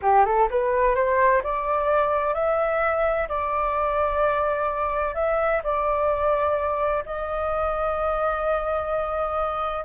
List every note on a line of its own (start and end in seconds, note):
0.02 0.25 G4
0.25 0.48 A4
0.50 0.95 B4
0.95 1.42 C5
1.43 2.34 D5
2.34 3.27 E5
3.28 5.14 D5
5.14 5.61 E5
5.63 7.04 D5
7.05 9.84 D#5